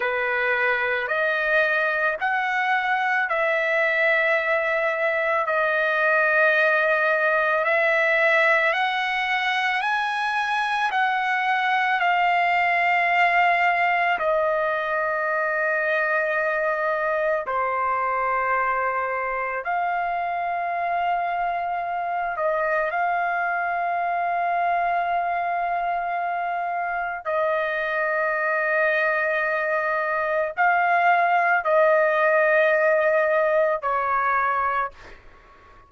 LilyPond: \new Staff \with { instrumentName = "trumpet" } { \time 4/4 \tempo 4 = 55 b'4 dis''4 fis''4 e''4~ | e''4 dis''2 e''4 | fis''4 gis''4 fis''4 f''4~ | f''4 dis''2. |
c''2 f''2~ | f''8 dis''8 f''2.~ | f''4 dis''2. | f''4 dis''2 cis''4 | }